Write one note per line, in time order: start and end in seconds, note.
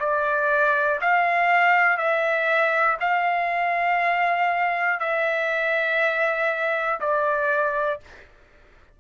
0.00 1.00 D5
1.01 1.98 F5
1.98 2.98 E5
3.00 5.00 F5
5.00 7.00 E5
7.00 8.00 D5